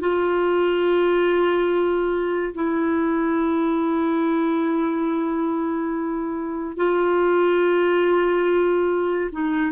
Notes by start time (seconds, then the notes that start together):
0.00 F4
2.54 E4
6.76 F4
9.31 D#4